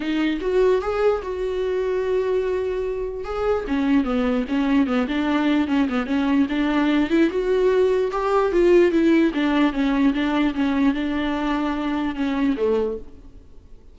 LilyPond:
\new Staff \with { instrumentName = "viola" } { \time 4/4 \tempo 4 = 148 dis'4 fis'4 gis'4 fis'4~ | fis'1 | gis'4 cis'4 b4 cis'4 | b8 d'4. cis'8 b8 cis'4 |
d'4. e'8 fis'2 | g'4 f'4 e'4 d'4 | cis'4 d'4 cis'4 d'4~ | d'2 cis'4 a4 | }